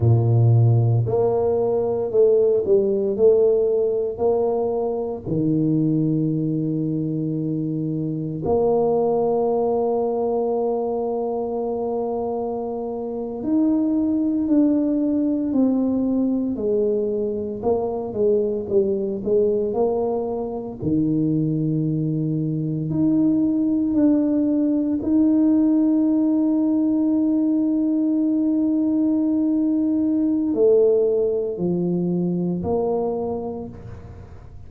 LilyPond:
\new Staff \with { instrumentName = "tuba" } { \time 4/4 \tempo 4 = 57 ais,4 ais4 a8 g8 a4 | ais4 dis2. | ais1~ | ais8. dis'4 d'4 c'4 gis16~ |
gis8. ais8 gis8 g8 gis8 ais4 dis16~ | dis4.~ dis16 dis'4 d'4 dis'16~ | dis'1~ | dis'4 a4 f4 ais4 | }